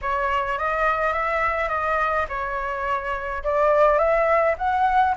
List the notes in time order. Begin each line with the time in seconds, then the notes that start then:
0.01 C#5
0.58 D#5
1.13 E5
1.68 D#5
2.28 C#5
3.43 D5
3.98 E5
4.58 F#5